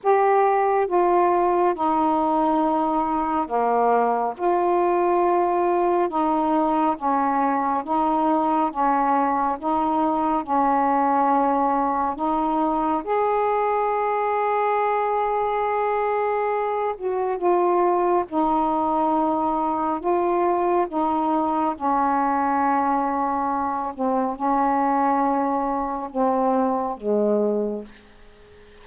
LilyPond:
\new Staff \with { instrumentName = "saxophone" } { \time 4/4 \tempo 4 = 69 g'4 f'4 dis'2 | ais4 f'2 dis'4 | cis'4 dis'4 cis'4 dis'4 | cis'2 dis'4 gis'4~ |
gis'2.~ gis'8 fis'8 | f'4 dis'2 f'4 | dis'4 cis'2~ cis'8 c'8 | cis'2 c'4 gis4 | }